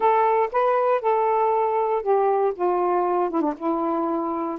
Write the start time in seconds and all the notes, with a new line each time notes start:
0.00 A4
0.52 B4
1.01 A4
2.02 G4
2.55 F4
3.30 E4
3.41 D4
3.57 E4